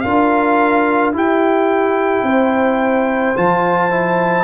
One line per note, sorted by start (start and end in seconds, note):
0.00 1.13 D4
0.00 1.13 F4
0.00 1.15 A#4
0.00 1.11 F5
1.13 3.35 E4
1.13 2.22 E4
1.13 2.25 G4
1.13 3.37 G5
2.22 3.34 C4
2.22 4.44 C5
3.36 4.44 F3
3.36 3.90 F4
3.36 4.44 A5
3.90 4.44 E4